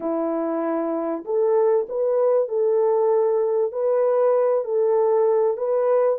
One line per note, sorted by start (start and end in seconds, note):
0.00 1.24 E4
1.24 1.86 A4
1.88 2.48 B4
2.48 3.71 A4
3.71 4.64 B4
4.64 5.57 A4
5.57 6.19 B4